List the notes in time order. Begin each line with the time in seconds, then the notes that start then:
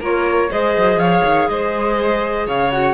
0.00 A#3 F4 A#4 C#5
0.50 G#3 G#4 C5 D#5
0.78 F#3
0.97 F3 C#5 F5
1.24 D#3
1.49 G#3 C5 D#5
2.47 C#3 C#5 F5
2.71 F#4 F#5